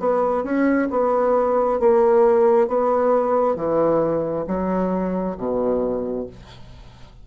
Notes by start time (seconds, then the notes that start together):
0.00 B3
0.44 C#4
0.91 B3
1.80 A#3
2.68 B3
3.56 E3
4.47 F#3
5.37 B2